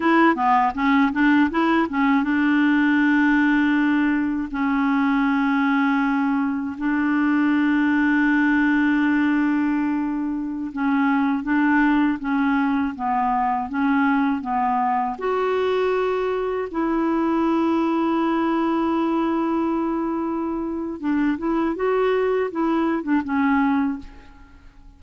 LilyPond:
\new Staff \with { instrumentName = "clarinet" } { \time 4/4 \tempo 4 = 80 e'8 b8 cis'8 d'8 e'8 cis'8 d'4~ | d'2 cis'2~ | cis'4 d'2.~ | d'2~ d'16 cis'4 d'8.~ |
d'16 cis'4 b4 cis'4 b8.~ | b16 fis'2 e'4.~ e'16~ | e'1 | d'8 e'8 fis'4 e'8. d'16 cis'4 | }